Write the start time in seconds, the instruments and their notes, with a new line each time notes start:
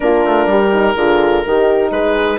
0.00 bassoon A#3, horn D4 F4, oboe A#4
0.24 bassoon A3
0.46 bassoon G3, horn G4
0.72 horn D#4
0.95 bassoon D3, horn F4 G#4
1.45 bassoon D#3, horn D#4 G4
1.91 bassoon G#3, horn G#4, oboe B4